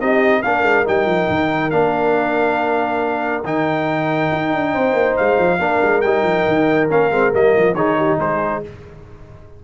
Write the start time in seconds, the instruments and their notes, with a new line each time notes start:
0.00 tuba C4, trombone D#4, horn G4, trumpet D#5
0.41 tuba A#3, trombone D4, horn A#4, trumpet F5
0.63 tuba G#3
0.85 tuba G3, trombone D#4, trumpet G5
1.06 tuba F3
1.29 tuba D#3
1.70 tuba A#3, trombone D4, trumpet F5
3.44 tuba D#3, trombone D#4, trumpet G5
4.32 tuba D#4
4.54 tuba D4
4.73 tuba C4, horn C5
4.93 tuba A#3
5.16 tuba G#3, trumpet F5
5.38 tuba F3
5.59 tuba A#3, trombone D4, horn A#4
5.82 tuba G#3
6.01 tuba G3, trombone D#4, trumpet G5
6.23 tuba F3
6.47 tuba D#3
6.89 tuba A#3, trombone C#4, trumpet F5
7.11 tuba G#3, trombone C4
7.32 tuba G3, trombone A#3, trumpet D#5
7.57 tuba F3
7.74 tuba D#3, trombone D#4, horn G#4, trumpet C#5
7.97 horn G4
8.18 tuba G#3, horn G#4, trumpet C5